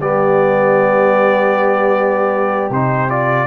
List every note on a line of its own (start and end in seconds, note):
0.00 2.70 G3
0.00 2.70 B3
0.00 3.46 G4
0.00 2.70 D5
2.70 3.46 C3
2.70 3.09 D#4
2.70 3.10 C5
3.09 3.47 F4
3.09 3.47 D5